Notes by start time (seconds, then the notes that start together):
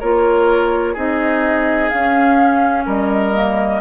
0.00 A#3 F4 A#4 C#5
0.93 C4 D#4 G#4 D#5
1.89 C#4 F5
2.86 G3 A#4 D#5
3.34 A#3